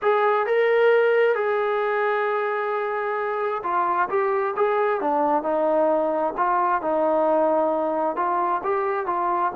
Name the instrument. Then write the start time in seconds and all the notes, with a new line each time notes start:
trombone
0.01 G#4
0.46 A#4
1.35 G#4
3.63 F4
4.09 G4
4.56 G#4
5.01 D4
5.42 D#4
6.37 F4
6.81 D#4
8.16 F4
8.63 G4
9.06 F4